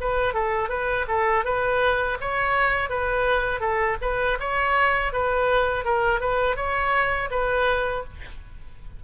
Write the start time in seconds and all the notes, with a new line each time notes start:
0.00 B4
0.34 A4
0.69 B4
1.08 A4
1.44 B4
2.21 C#5
2.89 B4
3.60 A4
4.01 B4
4.40 C#5
5.13 B4
5.85 A#4
6.20 B4
6.56 C#5
7.30 B4